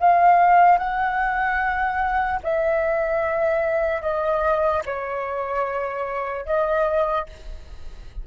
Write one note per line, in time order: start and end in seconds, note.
0.00 0.78 F5
0.78 2.40 F#5
2.43 4.01 E5
4.01 4.82 D#5
4.86 6.45 C#5
6.45 7.26 D#5